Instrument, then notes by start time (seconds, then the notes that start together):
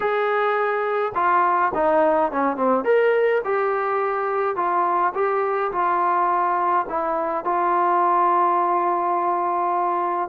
trombone
0.00 G#4
1.14 F4
1.74 D#4
2.31 C#4
2.56 C4
2.84 A#4
3.44 G4
4.56 F4
5.14 G4
5.71 F4
6.89 E4
7.44 F4